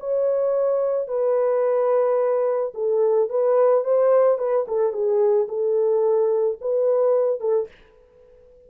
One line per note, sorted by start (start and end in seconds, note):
0.00 1.08 C#5
1.08 2.73 B4
2.74 3.30 A4
3.30 3.85 B4
3.85 4.38 C5
4.38 4.66 B4
4.68 4.93 A4
4.93 5.48 G#4
5.48 6.59 A4
6.62 7.40 B4
7.40 7.68 A4